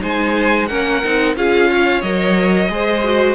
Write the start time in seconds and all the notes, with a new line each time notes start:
0.00 G#3 D#4 C5 G#5
0.67 A#3 C#4 A#4 F#5
1.04 C4 D#4
1.36 C#4 F4 G#4 F5
1.70 C#5
2.02 F#3 A#4 D#5
2.69 G#3 G#4 C5
3.04 F#4